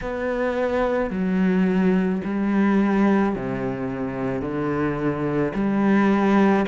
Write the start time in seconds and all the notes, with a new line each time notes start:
0.01 B3
1.10 F#3
2.24 G3
3.35 C3
4.41 D3
5.54 G3